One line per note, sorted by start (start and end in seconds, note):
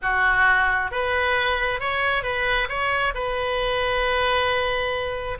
0.02 0.91 F#4
0.91 1.80 B4
1.80 2.23 C#5
2.23 2.67 B4
2.68 3.13 C#5
3.14 5.38 B4